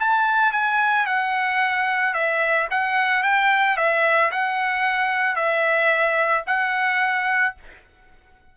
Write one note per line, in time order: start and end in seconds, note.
0.00 0.53 A5
0.53 1.07 G#5
1.07 2.14 F#5
2.14 2.68 E5
2.71 3.23 F#5
3.23 3.77 G5
3.77 4.31 E5
4.32 5.36 F#5
5.36 6.44 E5
6.47 7.55 F#5